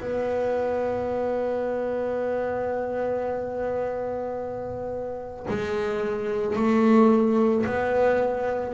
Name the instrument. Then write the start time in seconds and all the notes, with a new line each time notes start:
double bass
0.00 B3
5.48 G#3
6.56 A3
7.66 B3